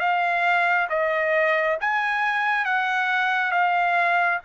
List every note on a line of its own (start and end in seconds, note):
0.00 0.88 F5
0.90 1.78 D#5
1.81 2.66 G#5
2.66 3.52 F#5
3.52 4.40 F5